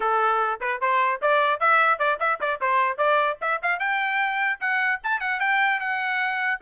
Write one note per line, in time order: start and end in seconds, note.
0.00 0.59 A4
0.60 0.80 B4
0.80 1.20 C5
1.21 1.59 D5
1.59 1.99 E5
1.99 2.19 D5
2.19 2.39 E5
2.40 2.60 D5
2.60 2.97 C5
2.97 3.37 D5
3.41 3.61 E5
3.62 3.79 F5
3.79 4.59 G5
4.60 5.00 F#5
5.03 5.20 A5
5.20 5.39 F#5
5.39 5.79 G5
5.79 6.59 F#5